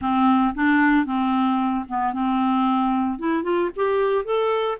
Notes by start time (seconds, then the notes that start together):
0.01 C4
0.54 D4
1.05 C4
1.88 B3
2.13 C4
3.18 E4
3.43 F4
3.76 G4
4.24 A4